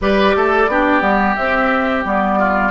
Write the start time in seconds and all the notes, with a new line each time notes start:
0.01 G3 G4 B4 D5
0.36 A3 A4
0.67 B3 D4 G4
1.01 G3 B3
1.35 C4 E5
2.04 G3 B3 D5
2.38 F4